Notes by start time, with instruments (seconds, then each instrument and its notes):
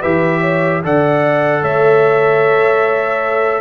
0.00 tuba E3, trombone G4, horn B4, trumpet E5
0.40 horn C#5
0.83 tuba D3, trombone A4, horn D5, trumpet F#5
1.62 tuba A3, horn C#5, trumpet E5